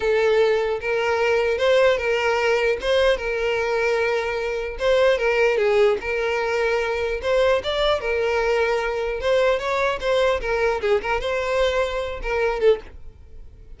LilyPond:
\new Staff \with { instrumentName = "violin" } { \time 4/4 \tempo 4 = 150 a'2 ais'2 | c''4 ais'2 c''4 | ais'1 | c''4 ais'4 gis'4 ais'4~ |
ais'2 c''4 d''4 | ais'2. c''4 | cis''4 c''4 ais'4 gis'8 ais'8 | c''2~ c''8 ais'4 a'8 | }